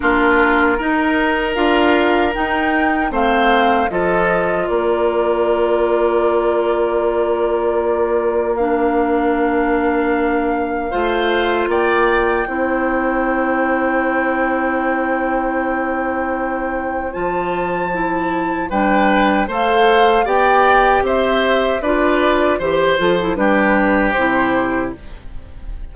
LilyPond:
<<
  \new Staff \with { instrumentName = "flute" } { \time 4/4 \tempo 4 = 77 ais'2 f''4 g''4 | f''4 dis''4 d''2~ | d''2. f''4~ | f''2. g''4~ |
g''1~ | g''2 a''2 | g''4 f''4 g''4 e''4 | d''4 c''8 a'8 b'4 c''4 | }
  \new Staff \with { instrumentName = "oboe" } { \time 4/4 f'4 ais'2. | c''4 a'4 ais'2~ | ais'1~ | ais'2 c''4 d''4 |
c''1~ | c''1 | b'4 c''4 d''4 c''4 | b'4 c''4 g'2 | }
  \new Staff \with { instrumentName = "clarinet" } { \time 4/4 d'4 dis'4 f'4 dis'4 | c'4 f'2.~ | f'2. d'4~ | d'2 f'2 |
e'1~ | e'2 f'4 e'4 | d'4 a'4 g'2 | f'4 g'8 f'16 e'16 d'4 e'4 | }
  \new Staff \with { instrumentName = "bassoon" } { \time 4/4 ais4 dis'4 d'4 dis'4 | a4 f4 ais2~ | ais1~ | ais2 a4 ais4 |
c'1~ | c'2 f2 | g4 a4 b4 c'4 | d'4 e8 f8 g4 c4 | }
>>